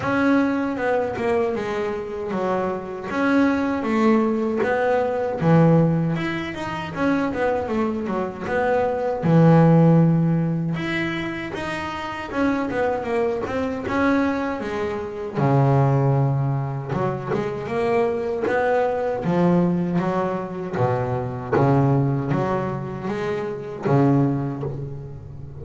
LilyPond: \new Staff \with { instrumentName = "double bass" } { \time 4/4 \tempo 4 = 78 cis'4 b8 ais8 gis4 fis4 | cis'4 a4 b4 e4 | e'8 dis'8 cis'8 b8 a8 fis8 b4 | e2 e'4 dis'4 |
cis'8 b8 ais8 c'8 cis'4 gis4 | cis2 fis8 gis8 ais4 | b4 f4 fis4 b,4 | cis4 fis4 gis4 cis4 | }